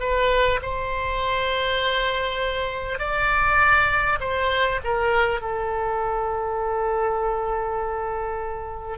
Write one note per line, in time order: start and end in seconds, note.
0.00 0.60 B4
0.62 2.98 C5
2.98 4.18 D5
4.19 4.79 C5
4.83 5.40 A#4
5.40 8.97 A4